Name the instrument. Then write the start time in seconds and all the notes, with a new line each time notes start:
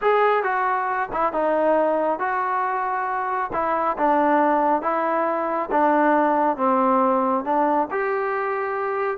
trombone
0.01 G#4
0.43 F#4
1.12 E4
1.33 D#4
2.19 F#4
3.53 E4
3.97 D4
4.82 E4
5.71 D4
6.57 C4
7.44 D4
7.90 G4